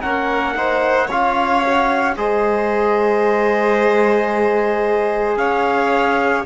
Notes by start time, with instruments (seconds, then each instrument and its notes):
0.00 cello A#3, trombone C#4, violin A#4, trumpet F#5
0.55 trombone D#4, violin C5
1.07 cello C#4, trombone F4, violin C#5, trumpet F5
1.65 trombone F#4
2.16 cello G#3, trombone G#4, violin C5, trumpet D#5
5.36 cello C#4, violin C#5, trumpet F5